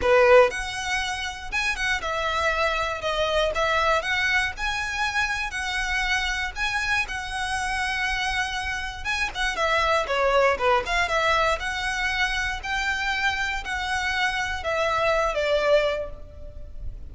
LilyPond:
\new Staff \with { instrumentName = "violin" } { \time 4/4 \tempo 4 = 119 b'4 fis''2 gis''8 fis''8 | e''2 dis''4 e''4 | fis''4 gis''2 fis''4~ | fis''4 gis''4 fis''2~ |
fis''2 gis''8 fis''8 e''4 | cis''4 b'8 f''8 e''4 fis''4~ | fis''4 g''2 fis''4~ | fis''4 e''4. d''4. | }